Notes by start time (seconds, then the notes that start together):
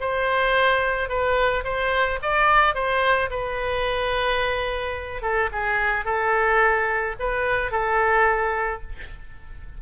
0.00 C5
1.08 B4
1.64 C5
2.22 D5
2.74 C5
3.30 B4
5.21 A4
5.52 G#4
6.05 A4
7.19 B4
7.71 A4